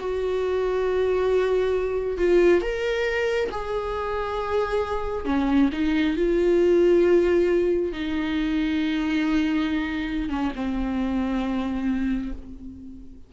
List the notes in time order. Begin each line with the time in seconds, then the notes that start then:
0.00 F#4
2.18 F4
2.62 A#4
3.51 G#4
5.25 C#4
5.73 D#4
6.16 F4
7.93 D#4
10.30 C#4
10.56 C4